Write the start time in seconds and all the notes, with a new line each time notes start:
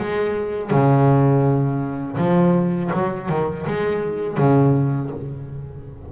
0.00 G#3
0.71 C#3
2.18 F3
2.94 F#3
3.30 D#3
3.68 G#3
4.38 C#3